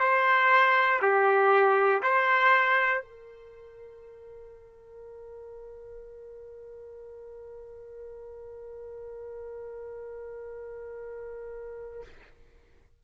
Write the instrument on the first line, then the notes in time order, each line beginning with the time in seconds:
trumpet
0.00 C5
1.02 G4
2.03 C5
3.02 A#4